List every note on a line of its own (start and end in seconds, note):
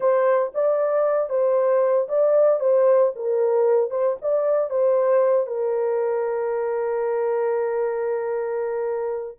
0.00 0.52 C5
0.54 1.29 D5
1.29 2.07 C5
2.08 2.60 D5
2.60 3.12 C5
3.15 3.90 A#4
3.90 4.16 C5
4.21 4.70 D5
4.70 5.46 C5
5.46 9.38 A#4